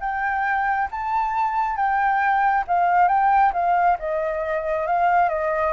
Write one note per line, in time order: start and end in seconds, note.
0.00 0.88 G5
0.91 1.76 A5
1.76 2.64 G5
2.67 3.08 F5
3.08 3.52 G5
3.53 3.97 F5
3.99 4.86 D#5
4.86 5.29 F5
5.29 5.73 D#5